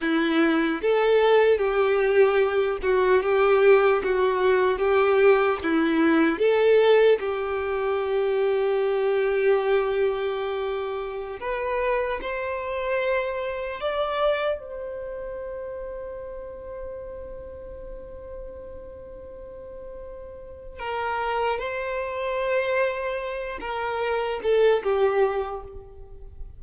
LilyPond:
\new Staff \with { instrumentName = "violin" } { \time 4/4 \tempo 4 = 75 e'4 a'4 g'4. fis'8 | g'4 fis'4 g'4 e'4 | a'4 g'2.~ | g'2~ g'16 b'4 c''8.~ |
c''4~ c''16 d''4 c''4.~ c''16~ | c''1~ | c''2 ais'4 c''4~ | c''4. ais'4 a'8 g'4 | }